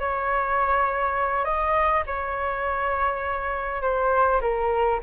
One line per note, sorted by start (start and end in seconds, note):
0.00 1.45 C#5
1.45 2.04 D#5
2.07 3.82 C#5
3.82 4.41 C5
4.41 5.00 A#4